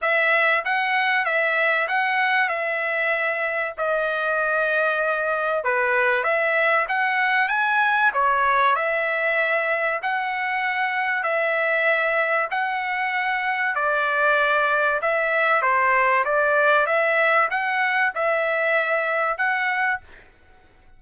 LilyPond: \new Staff \with { instrumentName = "trumpet" } { \time 4/4 \tempo 4 = 96 e''4 fis''4 e''4 fis''4 | e''2 dis''2~ | dis''4 b'4 e''4 fis''4 | gis''4 cis''4 e''2 |
fis''2 e''2 | fis''2 d''2 | e''4 c''4 d''4 e''4 | fis''4 e''2 fis''4 | }